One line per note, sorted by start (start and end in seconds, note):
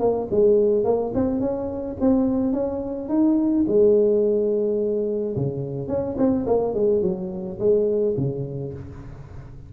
0.00 0.28 A#3
0.31 0.85 G#3
0.85 1.13 A#3
1.15 1.41 C4
1.41 1.97 C#4
2.01 2.53 C4
2.53 3.09 C#4
3.09 3.66 D#4
3.68 5.36 G#3
5.36 5.89 C#3
5.89 6.17 C#4
6.18 6.46 C4
6.47 6.74 A#3
6.74 7.02 G#3
7.02 7.59 F#3
7.60 8.16 G#3
8.18 8.74 C#3